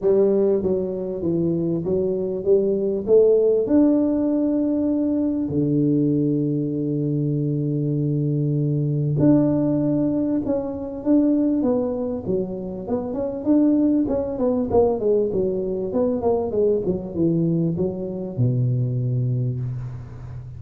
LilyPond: \new Staff \with { instrumentName = "tuba" } { \time 4/4 \tempo 4 = 98 g4 fis4 e4 fis4 | g4 a4 d'2~ | d'4 d2.~ | d2. d'4~ |
d'4 cis'4 d'4 b4 | fis4 b8 cis'8 d'4 cis'8 b8 | ais8 gis8 fis4 b8 ais8 gis8 fis8 | e4 fis4 b,2 | }